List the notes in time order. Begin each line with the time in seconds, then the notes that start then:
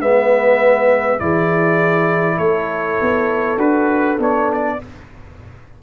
0.00 G#3 B3 B4 E5
1.19 E3 E4 G#4 D5
2.37 A3 A4 C#5
3.01 B3
3.57 D4 F#4 B4
4.18 B3 D4 C#5
4.53 D5